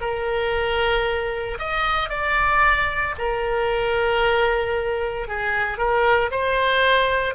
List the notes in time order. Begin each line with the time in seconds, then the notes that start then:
0.00 A#4
1.59 D#5
2.09 D5
3.18 A#4
5.28 G#4
5.78 A#4
6.31 C5